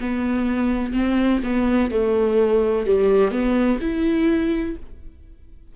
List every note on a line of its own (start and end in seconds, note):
0.00 0.93 B3
0.93 1.41 C4
1.43 1.91 B3
1.91 2.86 A3
2.86 3.31 G3
3.31 3.79 B3
3.81 4.76 E4